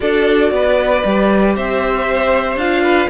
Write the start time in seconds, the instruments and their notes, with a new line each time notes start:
0.00 cello D4, viola F#4, violin A4 D5
0.51 cello B3, violin B4
1.05 cello G3, viola G4
1.55 cello C4, violin C5 E5
2.56 cello D4, viola F4, violin F5
2.82 violin B4